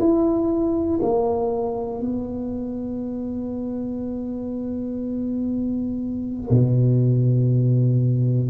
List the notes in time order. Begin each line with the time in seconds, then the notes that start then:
0.00 E4
1.02 A#3
2.01 B3
6.50 B2